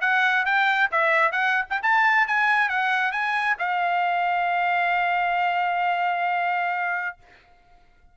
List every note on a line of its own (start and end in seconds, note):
0.00 0.45 F#5
0.45 0.90 G5
0.91 1.31 E5
1.31 1.65 F#5
1.69 1.81 G5
1.82 2.27 A5
2.27 2.69 G#5
2.69 3.11 F#5
3.11 3.56 G#5
3.58 7.17 F5